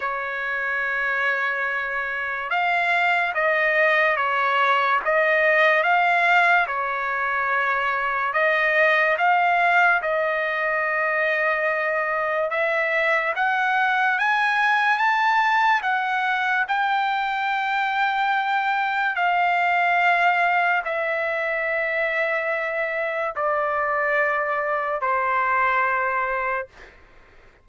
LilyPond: \new Staff \with { instrumentName = "trumpet" } { \time 4/4 \tempo 4 = 72 cis''2. f''4 | dis''4 cis''4 dis''4 f''4 | cis''2 dis''4 f''4 | dis''2. e''4 |
fis''4 gis''4 a''4 fis''4 | g''2. f''4~ | f''4 e''2. | d''2 c''2 | }